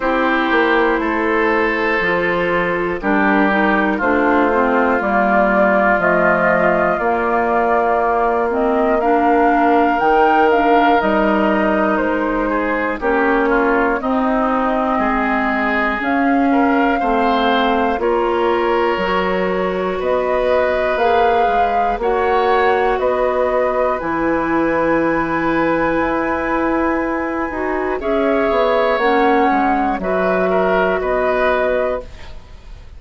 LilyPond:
<<
  \new Staff \with { instrumentName = "flute" } { \time 4/4 \tempo 4 = 60 c''2. ais'4 | c''4 d''4 dis''4 d''4~ | d''8 dis''8 f''4 g''8 f''8 dis''4 | c''4 cis''4 dis''2 |
f''2 cis''2 | dis''4 f''4 fis''4 dis''4 | gis''1 | e''4 fis''4 e''4 dis''4 | }
  \new Staff \with { instrumentName = "oboe" } { \time 4/4 g'4 a'2 g'4 | f'1~ | f'4 ais'2.~ | ais'8 gis'8 g'8 f'8 dis'4 gis'4~ |
gis'8 ais'8 c''4 ais'2 | b'2 cis''4 b'4~ | b'1 | cis''2 b'8 ais'8 b'4 | }
  \new Staff \with { instrumentName = "clarinet" } { \time 4/4 e'2 f'4 d'8 dis'8 | d'8 c'8 ais4 a4 ais4~ | ais8 c'8 d'4 dis'8 d'8 dis'4~ | dis'4 cis'4 c'2 |
cis'4 c'4 f'4 fis'4~ | fis'4 gis'4 fis'2 | e'2.~ e'8 fis'8 | gis'4 cis'4 fis'2 | }
  \new Staff \with { instrumentName = "bassoon" } { \time 4/4 c'8 ais8 a4 f4 g4 | a4 g4 f4 ais4~ | ais2 dis4 g4 | gis4 ais4 c'4 gis4 |
cis'4 a4 ais4 fis4 | b4 ais8 gis8 ais4 b4 | e2 e'4. dis'8 | cis'8 b8 ais8 gis8 fis4 b4 | }
>>